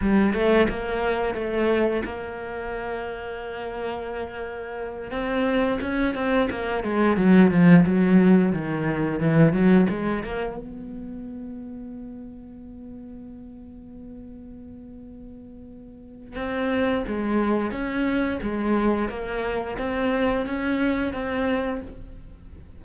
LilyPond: \new Staff \with { instrumentName = "cello" } { \time 4/4 \tempo 4 = 88 g8 a8 ais4 a4 ais4~ | ais2.~ ais8 c'8~ | c'8 cis'8 c'8 ais8 gis8 fis8 f8 fis8~ | fis8 dis4 e8 fis8 gis8 ais8 b8~ |
b1~ | b1 | c'4 gis4 cis'4 gis4 | ais4 c'4 cis'4 c'4 | }